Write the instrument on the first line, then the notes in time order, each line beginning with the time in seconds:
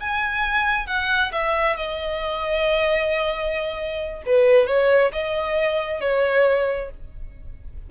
violin
0.00 G#5
0.87 F#5
1.32 E5
1.77 D#5
4.26 B4
4.67 C#5
5.13 D#5
6.01 C#5